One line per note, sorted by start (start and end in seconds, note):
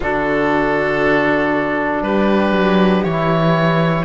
0.00 2.01 D3
0.00 3.06 D4
0.00 2.03 F#4
0.00 2.03 A4
2.01 2.51 G3
2.01 4.04 G4
2.01 3.03 B4
2.51 3.02 F#3
3.03 4.04 E3
3.03 4.04 E4
3.03 4.04 C#5